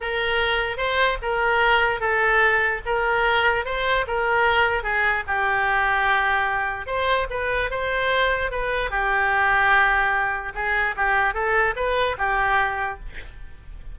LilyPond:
\new Staff \with { instrumentName = "oboe" } { \time 4/4 \tempo 4 = 148 ais'2 c''4 ais'4~ | ais'4 a'2 ais'4~ | ais'4 c''4 ais'2 | gis'4 g'2.~ |
g'4 c''4 b'4 c''4~ | c''4 b'4 g'2~ | g'2 gis'4 g'4 | a'4 b'4 g'2 | }